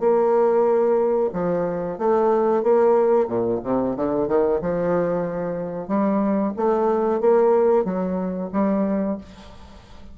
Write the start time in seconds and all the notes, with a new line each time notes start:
0.00 A#3
1.33 F3
1.99 A3
2.63 A#3
3.28 A#2
3.64 C3
3.96 D3
4.28 D#3
4.62 F3
5.88 G3
6.57 A3
7.21 A#3
7.85 F#3
8.53 G3